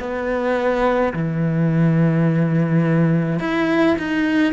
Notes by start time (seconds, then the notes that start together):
0.00 B3
1.14 E3
3.40 E4
3.99 D#4